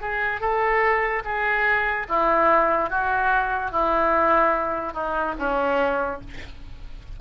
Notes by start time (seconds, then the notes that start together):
0.00 G#4
0.40 A4
1.24 G#4
2.08 E4
2.90 F#4
3.71 E4
4.93 D#4
5.38 C#4